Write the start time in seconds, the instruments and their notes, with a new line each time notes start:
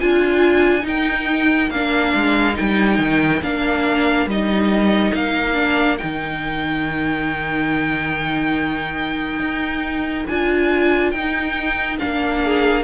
0.00 cello D4, viola F4, violin F4 G#5
0.82 viola D#4, cello D#4, violin A#4
0.88 violin G5
1.71 cello A#3, viola D4, violin F5
2.15 cello G#3
2.54 viola D#4, violin G5
2.60 cello G3
2.99 cello D#3
3.42 cello A#3, viola D4, violin F5
4.26 cello G3, viola D#4, violin D#5
5.15 cello A#3, violin F5
5.54 viola D4
5.98 cello D#3, viola D#4, violin G5
9.39 cello D#4
10.28 cello D4, viola F4, violin G#5
11.11 cello D#4, viola D#4, violin G5
11.99 cello A#3, viola D4, violin F5
12.44 violin G#4